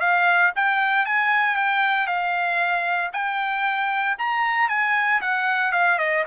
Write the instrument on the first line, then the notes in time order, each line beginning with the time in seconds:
trumpet
0.00 F5
0.55 G5
1.06 G#5
1.56 G5
2.07 F5
3.13 G5
4.18 A#5
4.69 G#5
5.21 F#5
5.72 F5
5.98 D#5